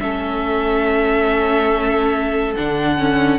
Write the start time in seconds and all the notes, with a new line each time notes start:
0.00 A3 C#4 A4 E5
2.57 D3 D4 F#5
2.98 C#4